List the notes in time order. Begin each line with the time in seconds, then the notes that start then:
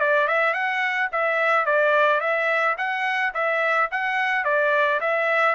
0.00 D5
0.27 E5
0.54 F#5
1.12 E5
1.66 D5
2.20 E5
2.78 F#5
3.34 E5
3.91 F#5
4.44 D5
5.00 E5